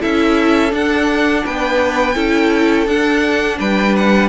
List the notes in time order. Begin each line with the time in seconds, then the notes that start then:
0.00 C#4 E4 A4 E5
0.70 D4 F#5
1.44 B3 B4 G5
2.15 C#4 E4 A4
2.87 D4 F#5
3.58 G3 B4 G5
3.96 F#5